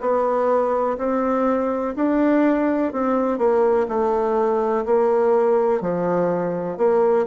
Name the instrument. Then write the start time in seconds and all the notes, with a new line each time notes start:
bassoon
0.00 B3
0.98 C4
1.95 D4
2.92 C4
3.38 A#3
3.88 A3
4.85 A#3
5.81 F3
6.77 A#3